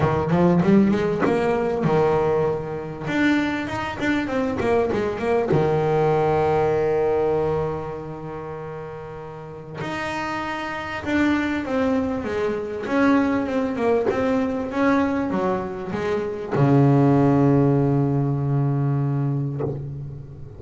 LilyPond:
\new Staff \with { instrumentName = "double bass" } { \time 4/4 \tempo 4 = 98 dis8 f8 g8 gis8 ais4 dis4~ | dis4 d'4 dis'8 d'8 c'8 ais8 | gis8 ais8 dis2.~ | dis1 |
dis'2 d'4 c'4 | gis4 cis'4 c'8 ais8 c'4 | cis'4 fis4 gis4 cis4~ | cis1 | }